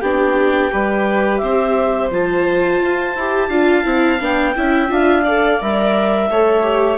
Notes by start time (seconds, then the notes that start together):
0.00 B3 D4 G4 G5
0.71 G3 G4 B4
1.37 C4 C5 E5
2.10 F3 F4 A5
2.83 F4
3.15 E4 G4
3.48 D4 F4 F5
3.84 C4 E4
4.20 B3 D4 G5
4.55 C#4 E4 E5
4.88 D4 F4 F5
5.23 A4 D5
5.61 G3 A#4 E5
6.29 A3 A4 C#5
6.62 G4